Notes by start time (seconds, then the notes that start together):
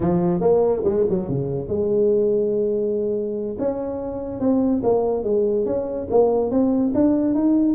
0.00 F3
0.40 A#3
0.84 G#3
1.09 F#3
1.29 C#3
1.68 G#3
3.58 C#4
4.39 C4
4.83 A#3
5.23 G#3
5.65 C#4
6.10 A#3
6.50 C4
6.94 D4
7.34 D#4